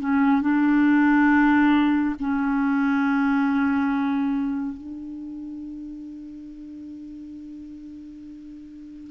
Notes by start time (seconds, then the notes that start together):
0.00 C#4
0.41 D4
2.19 C#4
4.77 D4